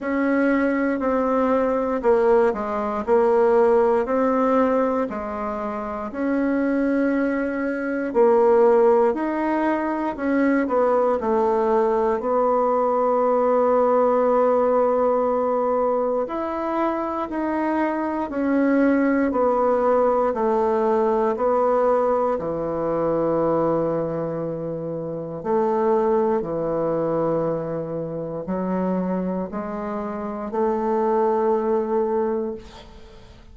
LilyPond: \new Staff \with { instrumentName = "bassoon" } { \time 4/4 \tempo 4 = 59 cis'4 c'4 ais8 gis8 ais4 | c'4 gis4 cis'2 | ais4 dis'4 cis'8 b8 a4 | b1 |
e'4 dis'4 cis'4 b4 | a4 b4 e2~ | e4 a4 e2 | fis4 gis4 a2 | }